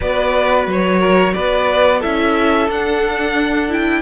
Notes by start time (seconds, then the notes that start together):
0.00 B3 F#4 B4 D5
0.67 F#3 C#5
0.99 A#4
1.33 B3 B4 D5
1.99 C#4 E4 A4 E5
2.68 D4 F#5
3.69 E4 G5